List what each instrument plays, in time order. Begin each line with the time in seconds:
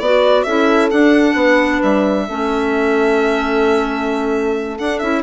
0.00 bassoon B3, clarinet F#4, horn B4, violin D5
0.44 bassoon C#4, clarinet E4, horn A4, violin E5
0.91 clarinet D4, bassoon D4, violin F#5
1.34 bassoon B3, horn B4
1.83 bassoon G3, violin E5
2.29 bassoon A3, clarinet C#4, horn A4
4.79 bassoon D4, clarinet D4, violin F#5
4.99 bassoon C#4, clarinet E4, violin E5